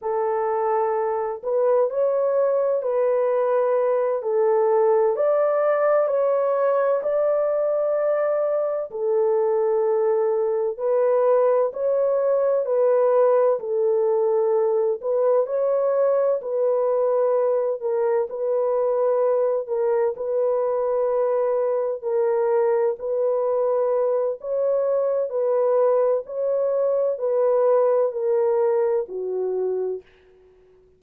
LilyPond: \new Staff \with { instrumentName = "horn" } { \time 4/4 \tempo 4 = 64 a'4. b'8 cis''4 b'4~ | b'8 a'4 d''4 cis''4 d''8~ | d''4. a'2 b'8~ | b'8 cis''4 b'4 a'4. |
b'8 cis''4 b'4. ais'8 b'8~ | b'4 ais'8 b'2 ais'8~ | ais'8 b'4. cis''4 b'4 | cis''4 b'4 ais'4 fis'4 | }